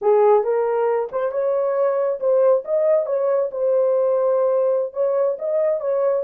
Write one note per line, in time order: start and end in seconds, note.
0.01 0.43 G#4
0.43 1.09 A#4
1.12 1.31 C5
1.31 2.19 C#5
2.20 2.63 C5
2.65 3.06 D#5
3.06 3.50 C#5
3.51 4.93 C5
4.93 5.37 C#5
5.38 5.80 D#5
5.80 6.23 C#5